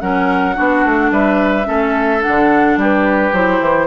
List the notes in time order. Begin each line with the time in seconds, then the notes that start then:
0.00 F#3 C#4 A#4 F#5
0.55 B3 D4 F#4
0.85 A3
1.11 G3 B4 E5
1.64 A3 C#4 A4
2.21 D4 F#5
2.27 D3
2.76 G3 G4 B4
3.32 F#3 E4 C5
3.60 E3